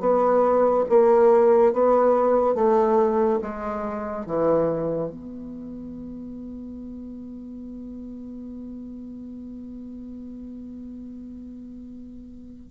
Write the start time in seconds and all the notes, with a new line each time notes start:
0.00 B3
0.89 A#3
1.73 B3
2.55 A3
3.41 G#3
4.26 E3
5.10 B3